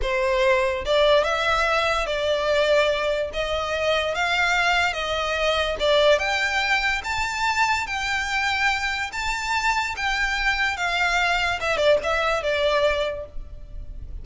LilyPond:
\new Staff \with { instrumentName = "violin" } { \time 4/4 \tempo 4 = 145 c''2 d''4 e''4~ | e''4 d''2. | dis''2 f''2 | dis''2 d''4 g''4~ |
g''4 a''2 g''4~ | g''2 a''2 | g''2 f''2 | e''8 d''8 e''4 d''2 | }